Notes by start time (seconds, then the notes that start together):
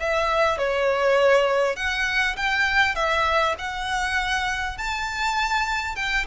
0.00 E5
0.58 C#5
1.76 F#5
2.36 G5
2.95 E5
3.58 F#5
4.78 A5
5.96 G5